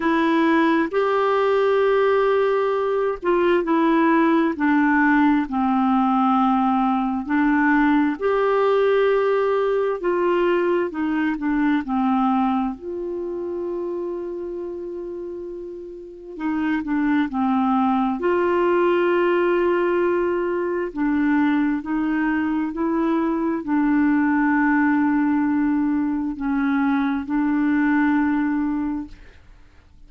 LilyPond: \new Staff \with { instrumentName = "clarinet" } { \time 4/4 \tempo 4 = 66 e'4 g'2~ g'8 f'8 | e'4 d'4 c'2 | d'4 g'2 f'4 | dis'8 d'8 c'4 f'2~ |
f'2 dis'8 d'8 c'4 | f'2. d'4 | dis'4 e'4 d'2~ | d'4 cis'4 d'2 | }